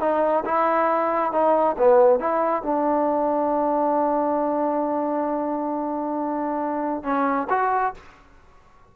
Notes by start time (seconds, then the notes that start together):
0.00 D#4
0.46 E4
1.32 D#4
1.78 B3
2.20 E4
2.63 D4
7.03 C#4
7.50 F#4